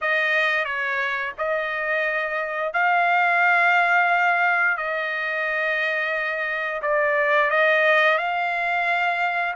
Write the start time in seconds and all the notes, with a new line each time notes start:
0.01 D#5
0.64 C#5
1.38 D#5
2.73 F5
4.77 D#5
6.82 D5
7.50 D#5
8.18 F5